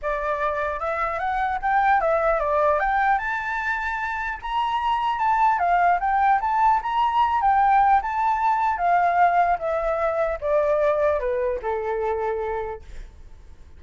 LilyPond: \new Staff \with { instrumentName = "flute" } { \time 4/4 \tempo 4 = 150 d''2 e''4 fis''4 | g''4 e''4 d''4 g''4 | a''2. ais''4~ | ais''4 a''4 f''4 g''4 |
a''4 ais''4. g''4. | a''2 f''2 | e''2 d''2 | b'4 a'2. | }